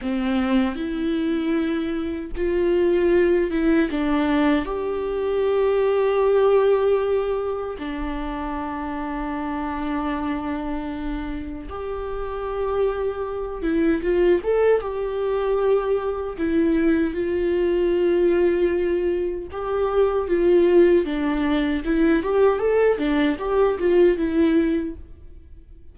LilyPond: \new Staff \with { instrumentName = "viola" } { \time 4/4 \tempo 4 = 77 c'4 e'2 f'4~ | f'8 e'8 d'4 g'2~ | g'2 d'2~ | d'2. g'4~ |
g'4. e'8 f'8 a'8 g'4~ | g'4 e'4 f'2~ | f'4 g'4 f'4 d'4 | e'8 g'8 a'8 d'8 g'8 f'8 e'4 | }